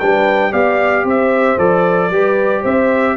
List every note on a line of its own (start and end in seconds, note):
0.00 0.53 G3
0.00 0.52 D4
0.00 0.51 B4
0.00 0.53 G5
0.51 1.04 B3
0.51 1.58 G4
0.51 1.04 D5
0.51 1.06 F5
1.04 1.57 C4
1.04 2.11 C5
1.04 1.59 E5
1.58 2.11 F3
1.58 2.11 A4
1.58 2.65 D5
2.11 2.64 G3
2.11 3.17 G4
2.11 2.62 B4
2.62 3.17 C4
2.62 3.15 C5
2.62 3.17 E5